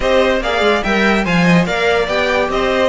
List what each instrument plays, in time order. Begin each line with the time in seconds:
0.00 cello C4, viola G4, violin C5 D#5
0.40 cello A#3, viola G#4, violin D5 F5
0.60 cello G#3
0.83 cello G3, viola A#4, violin E5 G5
1.24 cello F3, viola C5, violin F5 G#5
1.44 violin D#5
1.65 cello A#3, viola A#4, violin D5 F5
2.07 cello B3, viola G4, violin G5
2.49 cello C4, violin C5 D#5